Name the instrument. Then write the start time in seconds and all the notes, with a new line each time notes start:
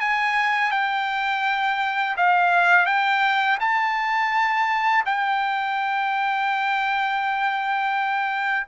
trumpet
0.00 G#5
0.71 G5
2.17 F5
2.86 G5
3.60 A5
5.05 G5